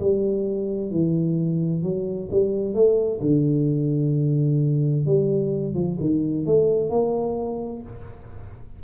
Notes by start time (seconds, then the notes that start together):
0.00 G3
0.91 E3
1.83 F#3
2.31 G3
2.74 A3
3.21 D3
5.06 G3
5.74 F3
6.00 D#3
6.46 A3
6.90 A#3